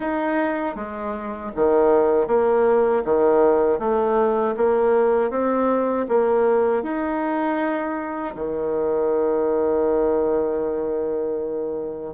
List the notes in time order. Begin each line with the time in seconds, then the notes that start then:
0.00 D#4
0.75 G#3
1.55 D#3
2.27 A#3
3.04 D#3
3.79 A3
4.56 A#3
5.30 C4
6.08 A#3
6.83 D#4
8.35 D#3